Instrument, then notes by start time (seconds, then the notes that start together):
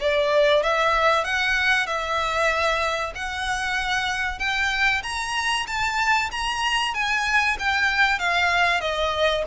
violin
0.00 D5
0.63 E5
1.24 F#5
1.86 E5
3.15 F#5
4.39 G5
5.03 A#5
5.67 A5
6.31 A#5
6.94 G#5
7.59 G5
8.19 F5
8.80 D#5